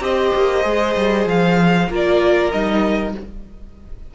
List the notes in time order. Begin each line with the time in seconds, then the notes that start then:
0.00 C4 G4 C5 D#5
0.35 A#3
0.62 G#3 G#4
0.96 G3
1.26 F3 F5
1.89 A#3 F4 A#4 D5
2.52 G3 D#4 D#5